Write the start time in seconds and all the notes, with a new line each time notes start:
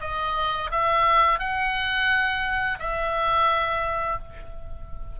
0.00 D#5
0.71 E5
1.39 F#5
2.79 E5